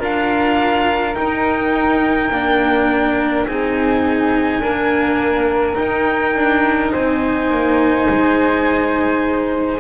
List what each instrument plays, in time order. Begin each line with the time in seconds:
0.00 double bass D4, cello F4, flute A#4, violin F5
1.15 cello D#4, double bass D#4, violin G5
2.31 double bass A#3, cello D4
3.47 double bass C4, cello D#4, flute G#4, violin G#5
4.60 cello A#3, double bass D4, flute A#4
5.74 cello D#4, double bass D#4, violin G5
6.35 double bass D4
6.92 double bass C4, flute C5, violin G#5
7.50 double bass A#3
8.10 double bass G#3